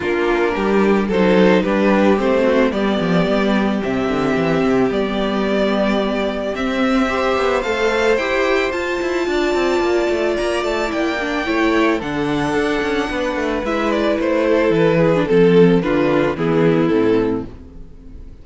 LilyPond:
<<
  \new Staff \with { instrumentName = "violin" } { \time 4/4 \tempo 4 = 110 ais'2 c''4 b'4 | c''4 d''2 e''4~ | e''4 d''2. | e''2 f''4 g''4 |
a''2. ais''8 a''8 | g''2 fis''2~ | fis''4 e''8 d''8 c''4 b'4 | a'4 b'4 gis'4 a'4 | }
  \new Staff \with { instrumentName = "violin" } { \time 4/4 f'4 g'4 a'4 g'4~ | g'8 fis'8 g'2.~ | g'1~ | g'4 c''2.~ |
c''4 d''2.~ | d''4 cis''4 a'2 | b'2~ b'8 a'4 gis'8 | a'4 f'4 e'2 | }
  \new Staff \with { instrumentName = "viola" } { \time 4/4 d'2 dis'4 d'4 | c'4 b2 c'4~ | c'4 b2. | c'4 g'4 a'4 g'4 |
f'1 | e'8 d'8 e'4 d'2~ | d'4 e'2~ e'8. d'16 | c'4 d'4 b4 c'4 | }
  \new Staff \with { instrumentName = "cello" } { \time 4/4 ais4 g4 fis4 g4 | a4 g8 f8 g4 c8 d8 | e8 c8 g2. | c'4. b8 a4 e'4 |
f'8 e'8 d'8 c'8 ais8 a8 ais8 a8 | ais4 a4 d4 d'8 cis'8 | b8 a8 gis4 a4 e4 | f4 d4 e4 a,4 | }
>>